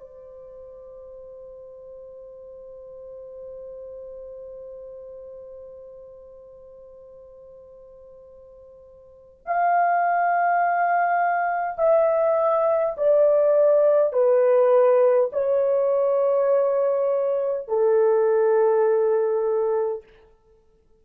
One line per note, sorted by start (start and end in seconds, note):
0.00 9.41 C5
9.45 11.78 F5
11.78 12.96 E5
12.97 14.13 D5
14.13 15.30 B4
15.33 17.68 C#5
17.68 20.03 A4